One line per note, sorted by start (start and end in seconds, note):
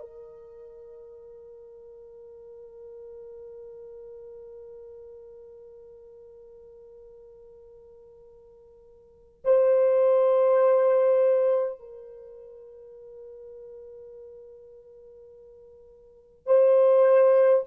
0.00 9.41 A#4
9.44 11.79 C5
11.79 16.47 A#4
16.47 17.64 C5